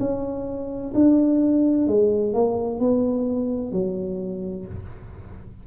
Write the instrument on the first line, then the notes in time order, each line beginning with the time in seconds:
tuba
0.00 C#4
0.95 D4
1.87 G#3
2.34 A#3
2.80 B3
3.72 F#3